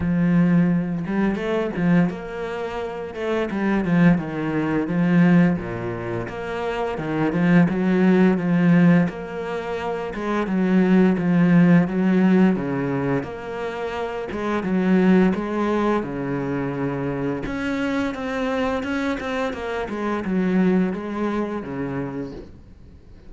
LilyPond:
\new Staff \with { instrumentName = "cello" } { \time 4/4 \tempo 4 = 86 f4. g8 a8 f8 ais4~ | ais8 a8 g8 f8 dis4 f4 | ais,4 ais4 dis8 f8 fis4 | f4 ais4. gis8 fis4 |
f4 fis4 cis4 ais4~ | ais8 gis8 fis4 gis4 cis4~ | cis4 cis'4 c'4 cis'8 c'8 | ais8 gis8 fis4 gis4 cis4 | }